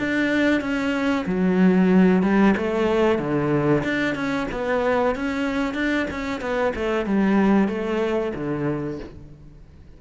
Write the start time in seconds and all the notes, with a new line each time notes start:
0.00 D4
0.61 C#4
1.26 F#3
2.23 G3
2.57 A3
3.19 D3
3.84 D4
4.15 C#4
4.52 B3
5.16 C#4
5.75 D4
6.11 C#4
6.41 B3
6.76 A3
7.06 G3
7.68 A3
8.35 D3